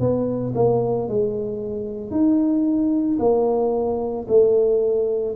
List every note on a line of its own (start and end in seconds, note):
0.00 0.54 B3
0.55 1.09 A#3
1.09 2.11 G#3
2.11 3.18 D#4
3.19 4.27 A#3
4.29 5.36 A3